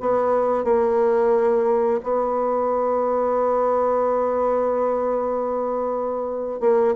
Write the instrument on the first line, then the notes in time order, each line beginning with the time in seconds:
bassoon
0.00 B3
0.64 A#3
2.03 B3
6.60 A#3